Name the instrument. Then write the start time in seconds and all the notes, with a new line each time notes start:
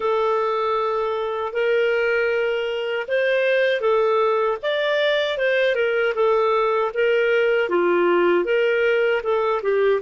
clarinet
0.00 A4
1.52 A#4
3.08 C5
3.80 A4
4.62 D5
5.38 C5
5.75 A#4
6.14 A4
6.93 A#4
7.69 F4
8.44 A#4
9.23 A4
9.62 G4